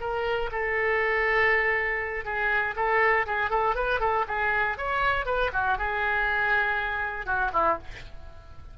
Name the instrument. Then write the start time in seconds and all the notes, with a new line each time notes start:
oboe
0.00 A#4
0.52 A4
2.25 G#4
2.76 A4
3.26 G#4
3.50 A4
3.75 B4
4.00 A4
4.28 G#4
4.78 C#5
5.26 B4
5.53 F#4
5.78 G#4
7.26 F#4
7.53 E4